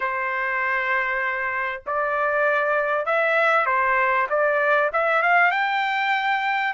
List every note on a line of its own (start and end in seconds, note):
0.00 1.82 C5
1.86 3.05 D5
3.05 3.66 E5
3.66 4.27 C5
4.29 4.90 D5
4.93 5.22 E5
5.22 5.51 F5
5.51 6.73 G5